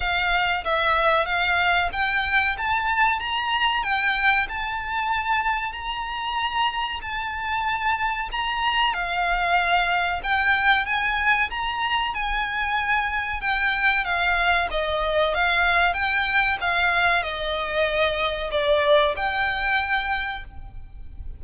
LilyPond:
\new Staff \with { instrumentName = "violin" } { \time 4/4 \tempo 4 = 94 f''4 e''4 f''4 g''4 | a''4 ais''4 g''4 a''4~ | a''4 ais''2 a''4~ | a''4 ais''4 f''2 |
g''4 gis''4 ais''4 gis''4~ | gis''4 g''4 f''4 dis''4 | f''4 g''4 f''4 dis''4~ | dis''4 d''4 g''2 | }